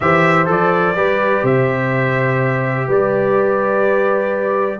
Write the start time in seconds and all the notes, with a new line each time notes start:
0.00 E3 G4 C5 E5
0.46 F3 A4 D5
0.95 G3 G4 B4
1.43 C3 C5 E5
2.87 G3 B4 D5